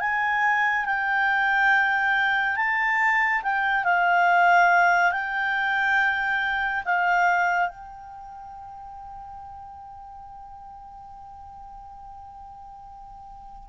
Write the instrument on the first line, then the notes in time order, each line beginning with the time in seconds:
clarinet
0.00 G#5
0.86 G5
2.56 A5
3.43 G5
3.85 F5
5.12 G5
6.85 F5
7.69 G5